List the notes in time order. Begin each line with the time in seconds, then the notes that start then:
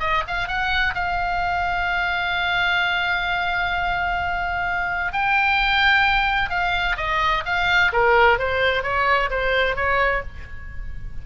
0.00 D#5
0.27 F5
0.48 F#5
0.95 F5
5.13 G5
6.50 F5
6.97 D#5
7.46 F5
7.93 A#4
8.38 C5
8.83 C#5
9.30 C5
9.76 C#5